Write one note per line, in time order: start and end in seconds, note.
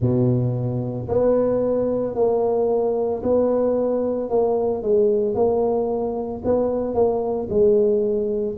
0.00 1.08 B2
1.08 2.14 B3
2.14 3.21 A#3
3.22 4.29 B3
4.29 4.82 A#3
4.82 5.34 G#3
5.34 6.41 A#3
6.44 6.94 B3
6.94 7.48 A#3
7.50 8.57 G#3